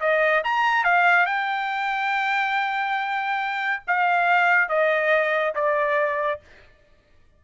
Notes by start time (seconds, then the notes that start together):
0.00 D#5
0.44 A#5
0.84 F5
1.26 G5
3.87 F5
4.69 D#5
5.55 D5